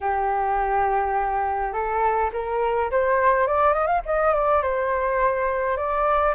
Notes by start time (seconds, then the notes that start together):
0.00 G4
1.72 A4
2.32 A#4
2.91 C5
3.47 D5
3.73 D#5
3.87 F5
4.05 D#5
4.33 D5
4.62 C5
5.77 D5